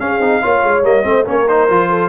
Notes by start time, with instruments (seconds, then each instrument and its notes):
0.00 tuba C#4, trombone C#4, horn G#4, trumpet F5
0.20 tuba C4, trombone D#4
0.42 tuba A#3, trombone F4, horn C#5
0.64 tuba G#3
0.83 tuba G3, trombone A#3, trumpet D#5
1.03 tuba A3, trombone C4, horn C5
1.25 tuba A#3, trombone C#4, horn A#4, trumpet C#5
1.48 trombone D#4, trumpet C5
1.70 tuba F3, trombone F4
1.90 horn A4